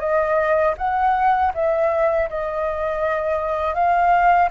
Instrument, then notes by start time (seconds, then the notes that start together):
flute
0.00 D#5
0.78 F#5
1.54 E5
2.30 D#5
3.75 F5